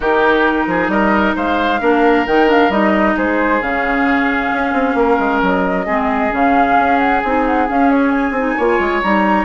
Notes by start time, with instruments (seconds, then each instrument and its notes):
0.00 bassoon D#3, clarinet D#4, oboe G4, flute A#4
0.66 bassoon F3, oboe G#4
0.88 bassoon G3, oboe A#4, flute D#5
1.35 bassoon G#3, oboe C5, flute F5
1.80 bassoon A#3, clarinet D4, oboe A#4
2.26 bassoon D#3, clarinet D#4, flute G5
2.47 clarinet D4, flute F5
2.69 bassoon G3, clarinet D#4, flute D#5
3.15 bassoon G#3, oboe G#4, flute C5
3.61 bassoon C#3, clarinet C#4, flute F5
4.52 bassoon C#4
4.73 bassoon C4
4.94 bassoon A#3, oboe A#4
5.18 bassoon G#3
5.41 bassoon F#3, flute D#5
5.86 bassoon G#3, clarinet C4, oboe G#4
6.30 bassoon C#3, clarinet C#4, flute F5
6.77 bassoon C#4
6.98 flute F#5
7.23 bassoon C4, clarinet D#4, flute G#5
7.46 flute F#5
7.67 clarinet C#4, bassoon C#4, flute F5
7.90 flute C#5
8.11 flute G#5
8.31 bassoon C4
8.37 clarinet D#4
8.56 bassoon A#3, clarinet F4, oboe C#5
8.79 bassoon G#3
9.01 bassoon G3, clarinet D#4, flute A#5